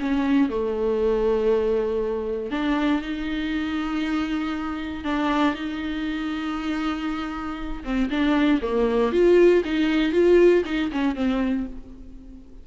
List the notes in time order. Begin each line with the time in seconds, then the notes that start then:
0.00 C#4
0.50 A3
2.51 D4
3.02 D#4
5.05 D4
5.55 D#4
7.84 C4
8.11 D4
8.62 A#3
9.13 F4
9.65 D#4
10.13 F4
10.65 D#4
10.92 C#4
11.16 C4